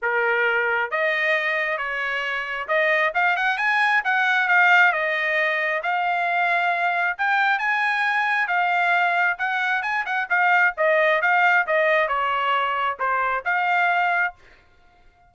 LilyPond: \new Staff \with { instrumentName = "trumpet" } { \time 4/4 \tempo 4 = 134 ais'2 dis''2 | cis''2 dis''4 f''8 fis''8 | gis''4 fis''4 f''4 dis''4~ | dis''4 f''2. |
g''4 gis''2 f''4~ | f''4 fis''4 gis''8 fis''8 f''4 | dis''4 f''4 dis''4 cis''4~ | cis''4 c''4 f''2 | }